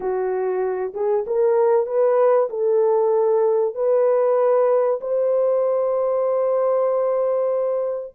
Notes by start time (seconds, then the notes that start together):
0.00 F#4
0.93 G#4
1.26 A#4
1.86 B4
2.49 A4
3.74 B4
5.01 C5